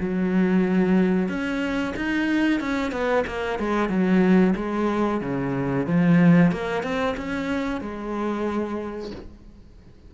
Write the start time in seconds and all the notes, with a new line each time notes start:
0.00 F#3
1.29 C#4
1.96 D#4
2.60 C#4
2.92 B3
3.27 A#3
3.59 G#3
3.89 F#3
4.56 G#3
5.21 C#3
5.86 F3
6.52 A#3
6.83 C4
7.17 C#4
7.81 G#3